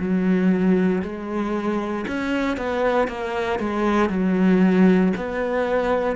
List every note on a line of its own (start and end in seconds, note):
0.00 1.03 F#3
1.03 2.06 G#3
2.08 2.57 C#4
2.57 3.08 B3
3.08 3.60 A#3
3.60 4.10 G#3
4.10 5.13 F#3
5.17 6.16 B3